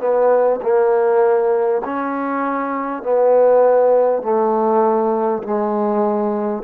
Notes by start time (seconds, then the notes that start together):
0.00 B3
0.62 A#3
1.85 C#4
3.03 B3
4.22 A3
5.43 G#3